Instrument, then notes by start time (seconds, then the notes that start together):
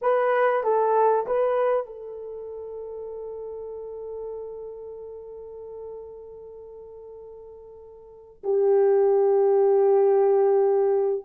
horn
0.01 B4
0.63 A4
1.26 B4
1.86 A4
8.43 G4